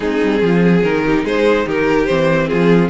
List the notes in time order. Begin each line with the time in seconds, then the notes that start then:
0.00 G#3 C4 D#4 G#4
0.23 G3
0.42 F3 F4
0.63 G#4
0.83 D#3 D#4 A#4
1.05 G4
1.24 G#3 G#4 C5
1.66 D#3 G4 A#4
2.05 E3 C4 C5
2.47 F3 F4 G#4